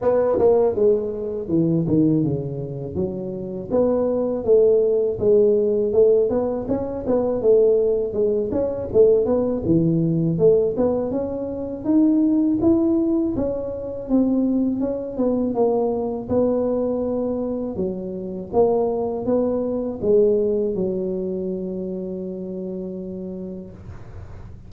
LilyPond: \new Staff \with { instrumentName = "tuba" } { \time 4/4 \tempo 4 = 81 b8 ais8 gis4 e8 dis8 cis4 | fis4 b4 a4 gis4 | a8 b8 cis'8 b8 a4 gis8 cis'8 | a8 b8 e4 a8 b8 cis'4 |
dis'4 e'4 cis'4 c'4 | cis'8 b8 ais4 b2 | fis4 ais4 b4 gis4 | fis1 | }